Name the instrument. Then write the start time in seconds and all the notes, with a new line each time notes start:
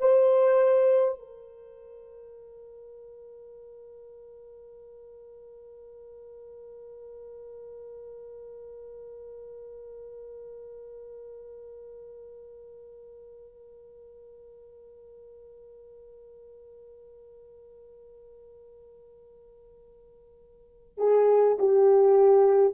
horn
0.00 C5
1.19 A#4
20.97 G#4
21.58 G4